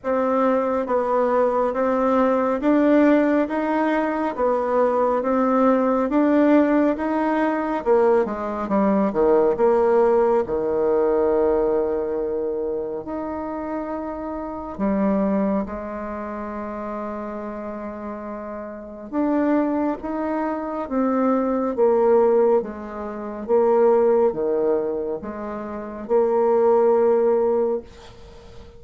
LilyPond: \new Staff \with { instrumentName = "bassoon" } { \time 4/4 \tempo 4 = 69 c'4 b4 c'4 d'4 | dis'4 b4 c'4 d'4 | dis'4 ais8 gis8 g8 dis8 ais4 | dis2. dis'4~ |
dis'4 g4 gis2~ | gis2 d'4 dis'4 | c'4 ais4 gis4 ais4 | dis4 gis4 ais2 | }